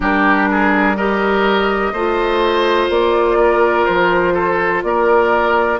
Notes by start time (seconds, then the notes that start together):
0.00 G3 D4 G4 A#4
0.51 G#4
0.96 G4 A#4 D#5
1.92 A3 F4 C5
2.89 A#3 D5
3.40 A#4
3.85 F3 C5
4.33 A4
4.83 A#3 A#4 D5